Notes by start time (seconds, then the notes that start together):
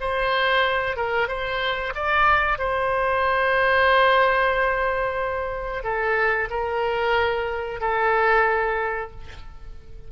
0.00 C5
0.96 A#4
1.27 C5
1.94 D5
2.58 C5
5.83 A4
6.50 A#4
7.80 A4